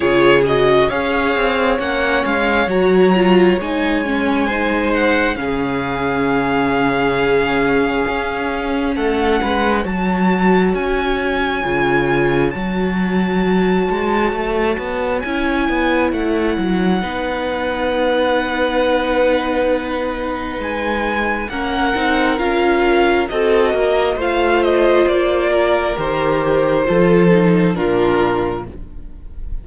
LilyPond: <<
  \new Staff \with { instrumentName = "violin" } { \time 4/4 \tempo 4 = 67 cis''8 dis''8 f''4 fis''8 f''8 ais''4 | gis''4. fis''8 f''2~ | f''2 fis''4 a''4 | gis''2 a''2~ |
a''4 gis''4 fis''2~ | fis''2. gis''4 | fis''4 f''4 dis''4 f''8 dis''8 | d''4 c''2 ais'4 | }
  \new Staff \with { instrumentName = "violin" } { \time 4/4 gis'4 cis''2.~ | cis''4 c''4 gis'2~ | gis'2 a'8 b'8 cis''4~ | cis''1~ |
cis''2. b'4~ | b'1 | ais'2 a'8 ais'8 c''4~ | c''8 ais'4. a'4 f'4 | }
  \new Staff \with { instrumentName = "viola" } { \time 4/4 f'8 fis'8 gis'4 cis'4 fis'8 f'8 | dis'8 cis'8 dis'4 cis'2~ | cis'2. fis'4~ | fis'4 f'4 fis'2~ |
fis'4 e'2 dis'4~ | dis'1 | cis'8 dis'8 f'4 fis'4 f'4~ | f'4 g'4 f'8 dis'8 d'4 | }
  \new Staff \with { instrumentName = "cello" } { \time 4/4 cis4 cis'8 c'8 ais8 gis8 fis4 | gis2 cis2~ | cis4 cis'4 a8 gis8 fis4 | cis'4 cis4 fis4. gis8 |
a8 b8 cis'8 b8 a8 fis8 b4~ | b2. gis4 | ais8 c'8 cis'4 c'8 ais8 a4 | ais4 dis4 f4 ais,4 | }
>>